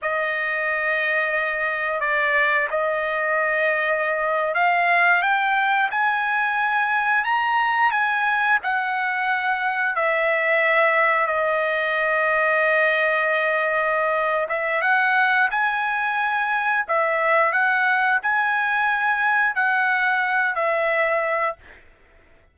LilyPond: \new Staff \with { instrumentName = "trumpet" } { \time 4/4 \tempo 4 = 89 dis''2. d''4 | dis''2~ dis''8. f''4 g''16~ | g''8. gis''2 ais''4 gis''16~ | gis''8. fis''2 e''4~ e''16~ |
e''8. dis''2.~ dis''16~ | dis''4. e''8 fis''4 gis''4~ | gis''4 e''4 fis''4 gis''4~ | gis''4 fis''4. e''4. | }